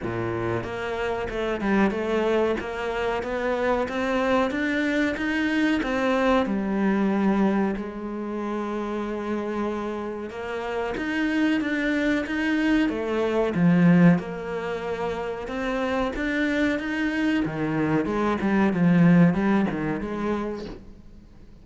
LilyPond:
\new Staff \with { instrumentName = "cello" } { \time 4/4 \tempo 4 = 93 ais,4 ais4 a8 g8 a4 | ais4 b4 c'4 d'4 | dis'4 c'4 g2 | gis1 |
ais4 dis'4 d'4 dis'4 | a4 f4 ais2 | c'4 d'4 dis'4 dis4 | gis8 g8 f4 g8 dis8 gis4 | }